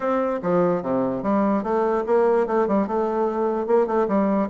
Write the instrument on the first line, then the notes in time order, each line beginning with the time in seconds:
bassoon
0.00 C4
0.42 F3
0.82 C3
1.22 G3
1.63 A3
2.06 A#3
2.47 A3
2.67 G3
2.87 A3
3.66 A#3
3.86 A3
4.08 G3